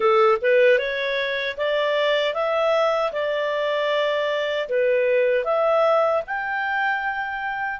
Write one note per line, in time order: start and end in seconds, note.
0.00 0.38 A4
0.41 0.78 B4
0.78 1.56 C#5
1.57 2.34 D5
2.34 3.12 E5
3.12 4.68 D5
4.69 5.44 B4
5.44 6.22 E5
6.27 7.80 G5